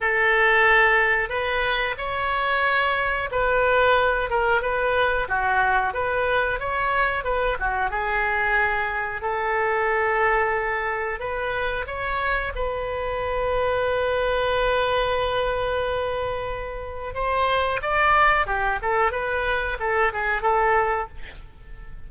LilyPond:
\new Staff \with { instrumentName = "oboe" } { \time 4/4 \tempo 4 = 91 a'2 b'4 cis''4~ | cis''4 b'4. ais'8 b'4 | fis'4 b'4 cis''4 b'8 fis'8 | gis'2 a'2~ |
a'4 b'4 cis''4 b'4~ | b'1~ | b'2 c''4 d''4 | g'8 a'8 b'4 a'8 gis'8 a'4 | }